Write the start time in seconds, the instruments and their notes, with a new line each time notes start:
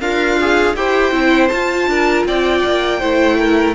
0.00 cello D4, violin F4 F5, viola A#4
0.40 viola G#4
0.76 cello E4, viola G4, violin C5 G5
1.12 cello C4, viola E4
1.48 viola F4, cello F4, violin A5
1.88 cello D4, violin A#4
2.26 cello C4, violin D5 G5
2.65 cello A#3
3.00 cello A3, viola E4, violin C5
3.40 violin A#4